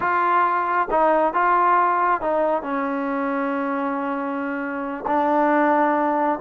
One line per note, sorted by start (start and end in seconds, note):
0.00 0.88 F4
0.90 1.33 D#4
1.33 2.21 F4
2.21 2.62 D#4
2.62 5.05 C#4
5.07 6.39 D4